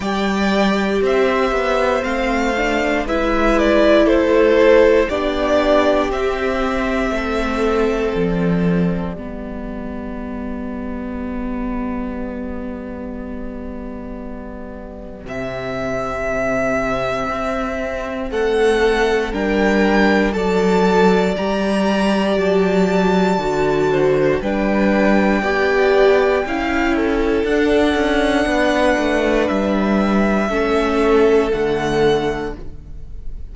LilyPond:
<<
  \new Staff \with { instrumentName = "violin" } { \time 4/4 \tempo 4 = 59 g''4 e''4 f''4 e''8 d''8 | c''4 d''4 e''2 | d''1~ | d''2. e''4~ |
e''2 fis''4 g''4 | a''4 ais''4 a''2 | g''2. fis''4~ | fis''4 e''2 fis''4 | }
  \new Staff \with { instrumentName = "violin" } { \time 4/4 d''4 c''2 b'4 | a'4 g'2 a'4~ | a'4 g'2.~ | g'1~ |
g'2 a'4 ais'4 | d''2.~ d''8 c''8 | b'4 d''4 f''8 a'4. | b'2 a'2 | }
  \new Staff \with { instrumentName = "viola" } { \time 4/4 g'2 c'8 d'8 e'4~ | e'4 d'4 c'2~ | c'4 b2.~ | b2. c'4~ |
c'2. d'4 | a'4 g'2 fis'4 | d'4 g'4 e'4 d'4~ | d'2 cis'4 a4 | }
  \new Staff \with { instrumentName = "cello" } { \time 4/4 g4 c'8 b8 a4 gis4 | a4 b4 c'4 a4 | f4 g2.~ | g2. c4~ |
c4 c'4 a4 g4 | fis4 g4 fis4 d4 | g4 b4 cis'4 d'8 cis'8 | b8 a8 g4 a4 d4 | }
>>